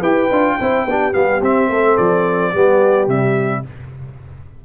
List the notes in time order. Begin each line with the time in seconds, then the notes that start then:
0.00 E4 G4 B4 G5
0.31 D4 F4
0.60 C4 E4 C5
0.85 B3 D4 G4
1.13 G3 B3 F5
1.41 C4 E5
1.69 A3 A4
1.97 F3 D5
2.53 G3 B3 G4
3.07 C3 G3 E5